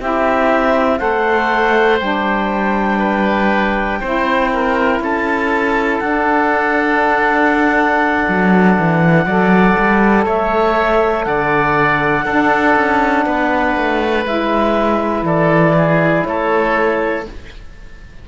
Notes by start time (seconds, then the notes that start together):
0.00 C4 E4 G4 E5
0.99 A3 A4 C5 F#5
2.00 G3 D4 G5
2.99 B4
4.00 C4 E4 C5
4.53 A#4
5.00 C#4 A4 A5
6.00 D4 F#5
8.28 F#3
8.79 E3
9.26 F#3 A4 D5
9.79 G3
10.25 A3 C#5 E5
11.24 D3 D5 F#5
12.25 D4 A4
12.76 C#4
13.26 B3 B4
13.76 A3
14.26 G#3 E4 E5
15.22 E3 A4 D5
15.78 G#4
16.25 A3 A4 C#5